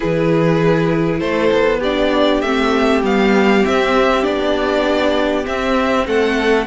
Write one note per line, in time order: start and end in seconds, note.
0.00 1.20 E3
0.00 1.80 E4
0.00 1.19 G#4
0.00 1.19 B4
1.19 1.50 A3
1.19 1.79 A4
1.19 1.80 C5
1.52 2.42 B3
1.79 2.44 D4
1.79 6.04 G4
1.79 2.41 D5
2.41 3.02 A3
2.41 3.04 C4
2.41 3.01 E5
3.03 3.63 G3
3.03 3.64 B3
3.03 3.65 F5
3.64 4.22 C4
3.64 4.24 C4
3.64 4.24 E5
4.22 5.45 B3
4.22 5.43 D4
4.22 5.45 D5
5.43 6.65 C4
5.43 6.07 C4
5.43 6.06 E5
6.07 6.66 A3
6.07 6.66 A4
6.07 6.66 F#5